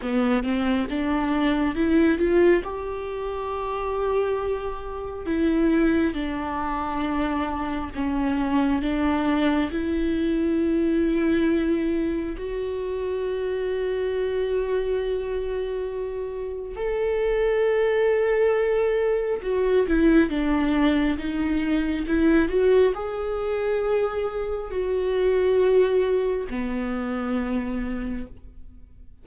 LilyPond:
\new Staff \with { instrumentName = "viola" } { \time 4/4 \tempo 4 = 68 b8 c'8 d'4 e'8 f'8 g'4~ | g'2 e'4 d'4~ | d'4 cis'4 d'4 e'4~ | e'2 fis'2~ |
fis'2. a'4~ | a'2 fis'8 e'8 d'4 | dis'4 e'8 fis'8 gis'2 | fis'2 b2 | }